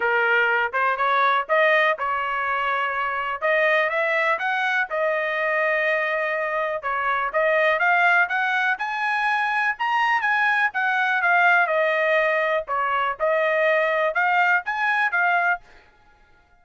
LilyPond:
\new Staff \with { instrumentName = "trumpet" } { \time 4/4 \tempo 4 = 123 ais'4. c''8 cis''4 dis''4 | cis''2. dis''4 | e''4 fis''4 dis''2~ | dis''2 cis''4 dis''4 |
f''4 fis''4 gis''2 | ais''4 gis''4 fis''4 f''4 | dis''2 cis''4 dis''4~ | dis''4 f''4 gis''4 f''4 | }